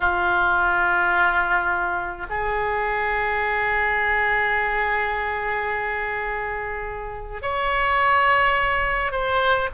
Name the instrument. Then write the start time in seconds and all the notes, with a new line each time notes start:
oboe
0.00 F4
2.29 G#4
7.41 C#5
9.11 C5